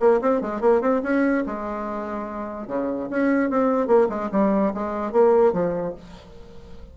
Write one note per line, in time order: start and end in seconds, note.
0.00 0.21 A#3
0.21 0.41 C4
0.41 0.61 G#3
0.61 0.81 A#3
0.81 1.02 C4
1.03 1.44 C#4
1.47 2.67 G#3
2.67 3.08 C#3
3.10 3.50 C#4
3.50 3.87 C4
3.87 4.08 A#3
4.09 4.30 G#3
4.32 4.73 G3
4.74 5.12 G#3
5.12 5.53 A#3
5.53 5.94 F3